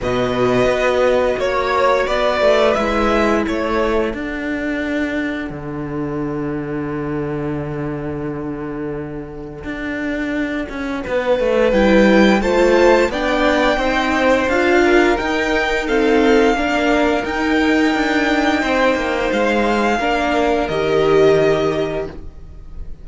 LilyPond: <<
  \new Staff \with { instrumentName = "violin" } { \time 4/4 \tempo 4 = 87 dis''2 cis''4 d''4 | e''4 cis''4 fis''2~ | fis''1~ | fis''1~ |
fis''4 g''4 a''4 g''4~ | g''4 f''4 g''4 f''4~ | f''4 g''2. | f''2 dis''2 | }
  \new Staff \with { instrumentName = "violin" } { \time 4/4 b'2 cis''4 b'4~ | b'4 a'2.~ | a'1~ | a'1 |
b'2 c''4 d''4 | c''4. ais'4. a'4 | ais'2. c''4~ | c''4 ais'2. | }
  \new Staff \with { instrumentName = "viola" } { \time 4/4 fis'1 | e'2 d'2~ | d'1~ | d'1~ |
d'4 e'4 f'4 d'4 | dis'4 f'4 dis'4 c'4 | d'4 dis'2.~ | dis'4 d'4 g'2 | }
  \new Staff \with { instrumentName = "cello" } { \time 4/4 b,4 b4 ais4 b8 a8 | gis4 a4 d'2 | d1~ | d2 d'4. cis'8 |
b8 a8 g4 a4 b4 | c'4 d'4 dis'2 | ais4 dis'4 d'4 c'8 ais8 | gis4 ais4 dis2 | }
>>